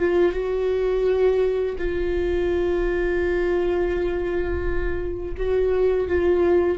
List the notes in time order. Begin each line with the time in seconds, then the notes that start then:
0.00 F4
0.33 F#4
1.79 F4
5.38 F#4
6.09 F4